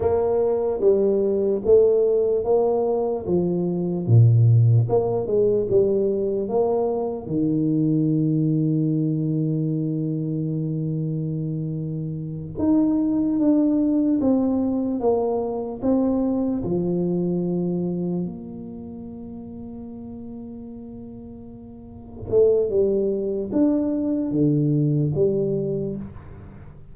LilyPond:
\new Staff \with { instrumentName = "tuba" } { \time 4/4 \tempo 4 = 74 ais4 g4 a4 ais4 | f4 ais,4 ais8 gis8 g4 | ais4 dis2.~ | dis2.~ dis8 dis'8~ |
dis'8 d'4 c'4 ais4 c'8~ | c'8 f2 ais4.~ | ais2.~ ais8 a8 | g4 d'4 d4 g4 | }